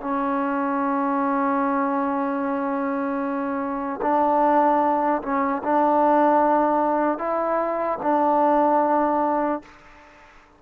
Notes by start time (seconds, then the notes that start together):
0.00 C#4
4.02 D4
5.22 C#4
5.63 D4
7.19 E4
8.02 D4